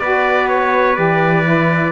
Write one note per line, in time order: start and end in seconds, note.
0.00 0.98 B3
0.00 0.96 F#4
0.00 1.92 B4
0.00 0.48 D5
0.49 0.96 C#5
0.96 1.92 E3
0.96 1.44 G4
0.96 1.92 D5
1.45 1.92 E4